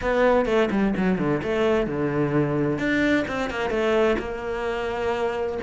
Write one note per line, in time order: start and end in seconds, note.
0.01 0.45 B3
0.45 0.68 A3
0.71 0.94 G3
0.96 1.18 F#3
1.18 1.41 D3
1.42 1.86 A3
1.86 2.78 D3
2.78 3.25 D4
3.27 3.49 C4
3.49 3.70 A#3
3.70 4.16 A3
4.19 5.58 A#3